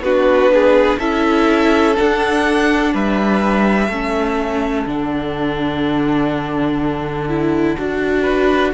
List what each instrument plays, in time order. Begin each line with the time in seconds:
0.00 cello B3, viola D4, violin F#4 B4
0.53 violin G#4
0.99 cello C#4, viola E4, violin A4 E5
1.95 viola D4, cello D4, violin F#5
2.93 cello G3, violin B4 E5
3.88 cello A3, viola C#4, violin A4
4.86 cello D3, viola D4, violin F#5
7.29 viola E4
7.78 cello D4, viola F#4
8.22 violin B4